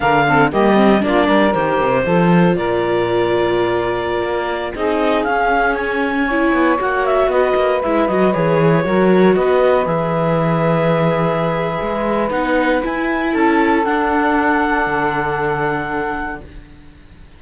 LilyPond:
<<
  \new Staff \with { instrumentName = "clarinet" } { \time 4/4 \tempo 4 = 117 f''4 dis''4 d''4 c''4~ | c''4 d''2.~ | d''4~ d''16 dis''4 f''4 gis''8.~ | gis''4~ gis''16 fis''8 e''8 dis''4 e''8 dis''16~ |
dis''16 cis''2 dis''4 e''8.~ | e''1 | fis''4 gis''4 a''4 fis''4~ | fis''1 | }
  \new Staff \with { instrumentName = "saxophone" } { \time 4/4 ais'8 a'8 g'4 f'8 ais'4. | a'4 ais'2.~ | ais'4~ ais'16 gis'2~ gis'8.~ | gis'16 cis''2 b'4.~ b'16~ |
b'4~ b'16 ais'4 b'4.~ b'16~ | b'1~ | b'2 a'2~ | a'1 | }
  \new Staff \with { instrumentName = "viola" } { \time 4/4 d'8 c'8 ais8 c'8 d'4 g'4 | f'1~ | f'4~ f'16 dis'4 cis'4.~ cis'16~ | cis'16 e'4 fis'2 e'8 fis'16~ |
fis'16 gis'4 fis'2 gis'8.~ | gis'1 | dis'4 e'2 d'4~ | d'1 | }
  \new Staff \with { instrumentName = "cello" } { \time 4/4 d4 g4 ais8 g8 dis8 c8 | f4 ais,2.~ | ais,16 ais4 c'4 cis'4.~ cis'16~ | cis'8. b8 ais4 b8 ais8 gis8 fis16~ |
fis16 e4 fis4 b4 e8.~ | e2. gis4 | b4 e'4 cis'4 d'4~ | d'4 d2. | }
>>